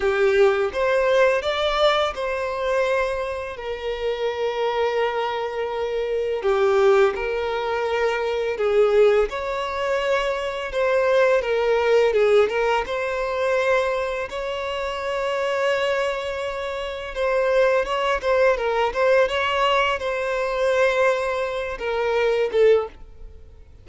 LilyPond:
\new Staff \with { instrumentName = "violin" } { \time 4/4 \tempo 4 = 84 g'4 c''4 d''4 c''4~ | c''4 ais'2.~ | ais'4 g'4 ais'2 | gis'4 cis''2 c''4 |
ais'4 gis'8 ais'8 c''2 | cis''1 | c''4 cis''8 c''8 ais'8 c''8 cis''4 | c''2~ c''8 ais'4 a'8 | }